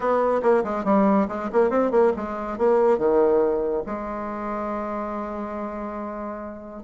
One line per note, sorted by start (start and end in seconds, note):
0.00 0.41 B3
0.42 0.63 A#3
0.64 0.84 G#3
0.84 1.27 G3
1.28 1.49 G#3
1.52 1.69 A#3
1.69 1.91 C4
1.91 2.12 A#3
2.16 2.58 G#3
2.58 2.98 A#3
2.98 3.83 D#3
3.86 6.83 G#3